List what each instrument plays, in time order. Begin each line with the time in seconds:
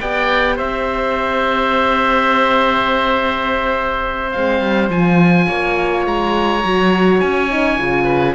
0.00 cello B3, horn G4, oboe D5 G5
0.56 cello C4, oboe C5 E5
4.31 cello G#3, horn C4, oboe F5
4.60 cello G3
4.89 cello F3, horn F4, oboe G#5
5.47 cello A#3, oboe C#5
6.06 cello G#3, oboe A#5
6.64 cello F#3, horn F#4
7.19 cello C#4, oboe G#5
7.49 horn D#4
7.78 cello C#3, horn F4
8.04 oboe B4